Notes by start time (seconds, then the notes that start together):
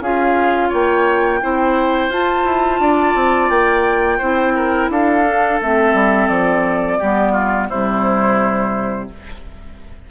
0.00 C#4 F4 G#4 F5
0.68 A#3 C#5 G5
1.41 C4 E4 C5
2.09 F4 A5
2.44 E4
2.79 D4 D5
3.15 C4
3.49 A#3 G5
4.18 C4 E4 C5
4.55 A#4
4.89 D4 A4 F5
5.24 D4
5.61 A3 C4 E5
5.93 G3
6.27 F3 D5
6.99 G3 B3 G4
7.32 F4
7.69 C3 G3 E4 C5